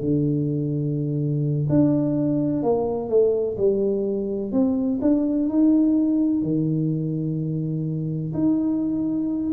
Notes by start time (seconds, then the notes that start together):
0.00 D3
1.69 D4
2.62 A#3
3.09 A3
3.57 G3
4.52 C4
5.01 D4
5.48 D#4
6.42 D#3
8.33 D#4